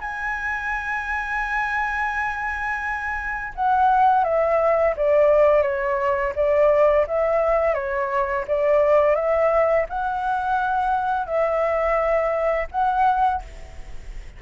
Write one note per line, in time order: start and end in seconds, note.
0.00 3.53 G#5
3.55 4.24 F#5
4.24 4.94 E5
4.96 5.62 D5
5.62 6.32 C#5
6.35 7.06 D5
7.07 7.74 E5
7.74 8.44 C#5
8.47 9.15 D5
9.15 9.86 E5
9.89 11.26 F#5
11.26 12.67 E5
12.71 13.41 F#5